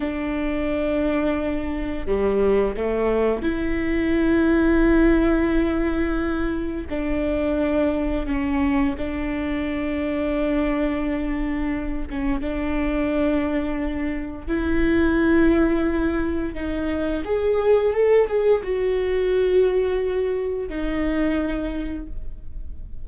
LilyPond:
\new Staff \with { instrumentName = "viola" } { \time 4/4 \tempo 4 = 87 d'2. g4 | a4 e'2.~ | e'2 d'2 | cis'4 d'2.~ |
d'4. cis'8 d'2~ | d'4 e'2. | dis'4 gis'4 a'8 gis'8 fis'4~ | fis'2 dis'2 | }